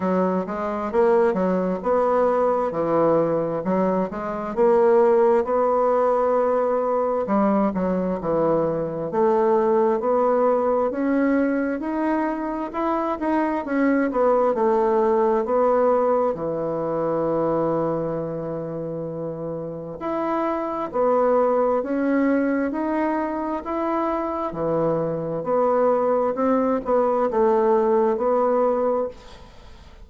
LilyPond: \new Staff \with { instrumentName = "bassoon" } { \time 4/4 \tempo 4 = 66 fis8 gis8 ais8 fis8 b4 e4 | fis8 gis8 ais4 b2 | g8 fis8 e4 a4 b4 | cis'4 dis'4 e'8 dis'8 cis'8 b8 |
a4 b4 e2~ | e2 e'4 b4 | cis'4 dis'4 e'4 e4 | b4 c'8 b8 a4 b4 | }